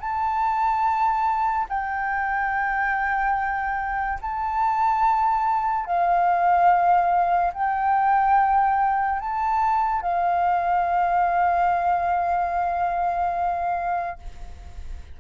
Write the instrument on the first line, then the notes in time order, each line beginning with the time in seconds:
flute
0.00 A5
1.69 G5
4.22 A5
5.86 F5
7.54 G5
9.20 A5
10.02 F5